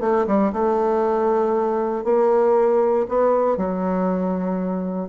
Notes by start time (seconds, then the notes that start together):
0.00 A3
0.27 G3
0.52 A3
2.04 A#3
3.08 B3
3.57 F#3